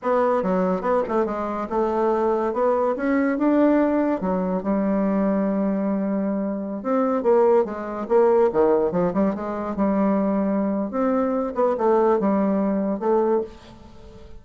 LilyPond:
\new Staff \with { instrumentName = "bassoon" } { \time 4/4 \tempo 4 = 143 b4 fis4 b8 a8 gis4 | a2 b4 cis'4 | d'2 fis4 g4~ | g1~ |
g16 c'4 ais4 gis4 ais8.~ | ais16 dis4 f8 g8 gis4 g8.~ | g2 c'4. b8 | a4 g2 a4 | }